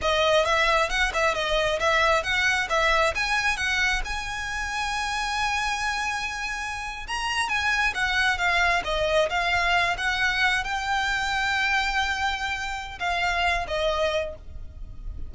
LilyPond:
\new Staff \with { instrumentName = "violin" } { \time 4/4 \tempo 4 = 134 dis''4 e''4 fis''8 e''8 dis''4 | e''4 fis''4 e''4 gis''4 | fis''4 gis''2.~ | gis''2.~ gis''8. ais''16~ |
ais''8. gis''4 fis''4 f''4 dis''16~ | dis''8. f''4. fis''4. g''16~ | g''1~ | g''4 f''4. dis''4. | }